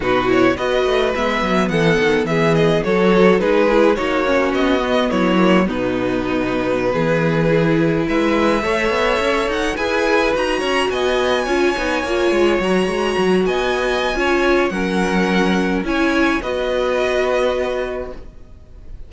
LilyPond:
<<
  \new Staff \with { instrumentName = "violin" } { \time 4/4 \tempo 4 = 106 b'8 cis''8 dis''4 e''4 fis''4 | e''8 dis''8 cis''4 b'4 cis''4 | dis''4 cis''4 b'2~ | b'2~ b'16 e''4.~ e''16~ |
e''8. fis''8 gis''4 ais''4 gis''8.~ | gis''2~ gis''16 ais''4. gis''16~ | gis''2 fis''2 | gis''4 dis''2. | }
  \new Staff \with { instrumentName = "violin" } { \time 4/4 fis'4 b'2 a'4 | gis'4 a'4 gis'4 fis'4~ | fis'4 e'4 dis'2~ | dis'16 gis'2 b'4 cis''8.~ |
cis''4~ cis''16 b'4. cis''8 dis''8.~ | dis''16 cis''2.~ cis''8 dis''16~ | dis''4 cis''4 ais'2 | cis''4 b'2. | }
  \new Staff \with { instrumentName = "viola" } { \time 4/4 dis'8 e'8 fis'4 b2~ | b4 fis'4 dis'8 e'8 dis'8 cis'8~ | cis'8 b4 ais8 b2~ | b4~ b16 e'2 a'8.~ |
a'4~ a'16 gis'4 fis'4.~ fis'16~ | fis'16 f'8 dis'8 f'4 fis'4.~ fis'16~ | fis'4 f'4 cis'2 | e'4 fis'2. | }
  \new Staff \with { instrumentName = "cello" } { \time 4/4 b,4 b8 a8 gis8 fis8 e8 dis8 | e4 fis4 gis4 ais4 | b4 fis4 b,2~ | b,16 e2 gis4 a8 b16~ |
b16 cis'8 dis'8 e'4 dis'8 cis'8 b8.~ | b16 cis'8 b8 ais8 gis8 fis8 gis8 fis8 b16~ | b4 cis'4 fis2 | cis'4 b2. | }
>>